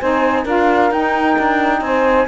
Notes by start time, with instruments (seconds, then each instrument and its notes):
0.00 cello C4, saxophone D#4 C5, flute G#5
0.44 cello D4, saxophone F4 A#4, flute F5
0.91 saxophone D#4, cello D#4, flute G5
1.39 cello D4
1.82 cello C4, saxophone C5, flute G#5